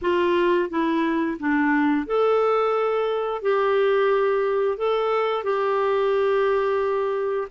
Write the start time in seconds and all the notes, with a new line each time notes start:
0.01 F4
0.69 E4
1.39 D4
2.06 A4
3.42 G4
4.77 A4
5.43 G4